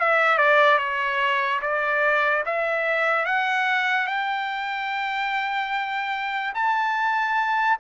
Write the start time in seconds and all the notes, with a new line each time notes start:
0.00 E5
0.38 D5
0.78 C#5
1.62 D5
2.46 E5
3.26 F#5
4.07 G5
6.55 A5